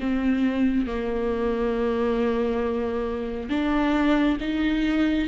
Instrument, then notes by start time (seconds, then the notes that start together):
viola
0.00 C4
0.87 A#3
3.50 D4
4.41 D#4